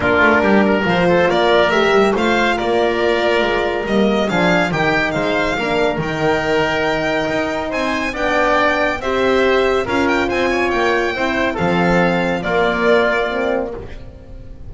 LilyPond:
<<
  \new Staff \with { instrumentName = "violin" } { \time 4/4 \tempo 4 = 140 ais'2 c''4 d''4 | e''4 f''4 d''2~ | d''4 dis''4 f''4 g''4 | f''2 g''2~ |
g''2 gis''4 g''4~ | g''4 e''2 f''8 g''8 | gis''4 g''2 f''4~ | f''4 d''2. | }
  \new Staff \with { instrumentName = "oboe" } { \time 4/4 f'4 g'8 ais'4 a'8 ais'4~ | ais'4 c''4 ais'2~ | ais'2 gis'4 g'4 | c''4 ais'2.~ |
ais'2 c''4 d''4~ | d''4 c''2 ais'4 | c''8 cis''4. c''4 a'4~ | a'4 f'2. | }
  \new Staff \with { instrumentName = "horn" } { \time 4/4 d'2 f'2 | g'4 f'2.~ | f'4 ais4 d'4 dis'4~ | dis'4 d'4 dis'2~ |
dis'2. d'4~ | d'4 g'2 f'4~ | f'2 e'4 c'4~ | c'4 ais2 c'4 | }
  \new Staff \with { instrumentName = "double bass" } { \time 4/4 ais8 a8 g4 f4 ais4 | a8 g8 a4 ais2 | gis4 g4 f4 dis4 | gis4 ais4 dis2~ |
dis4 dis'4 c'4 b4~ | b4 c'2 cis'4 | c'4 ais4 c'4 f4~ | f4 ais2. | }
>>